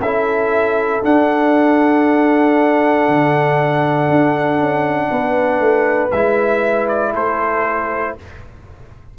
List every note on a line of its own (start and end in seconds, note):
0.00 1.02 C#4
0.00 1.02 E4
0.00 5.11 A4
0.00 1.04 E5
1.02 6.11 D4
1.02 3.08 D4
1.02 6.11 F#5
3.08 4.10 D3
4.10 4.59 D4
4.59 5.10 C#4
5.11 5.60 B3
5.11 7.14 B4
5.60 6.11 A3
6.11 7.15 G#3
6.11 8.19 E4
6.11 6.88 E5
6.88 7.14 D5
7.14 8.16 A3
7.14 8.15 A4
7.14 8.18 C5